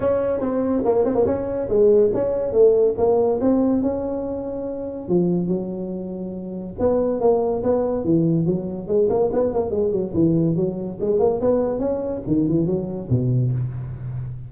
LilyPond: \new Staff \with { instrumentName = "tuba" } { \time 4/4 \tempo 4 = 142 cis'4 c'4 ais8 c'16 ais16 cis'4 | gis4 cis'4 a4 ais4 | c'4 cis'2. | f4 fis2. |
b4 ais4 b4 e4 | fis4 gis8 ais8 b8 ais8 gis8 fis8 | e4 fis4 gis8 ais8 b4 | cis'4 dis8 e8 fis4 b,4 | }